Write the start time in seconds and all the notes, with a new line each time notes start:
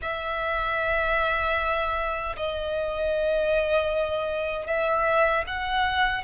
0.02 E5
2.36 D#5
4.66 E5
5.47 F#5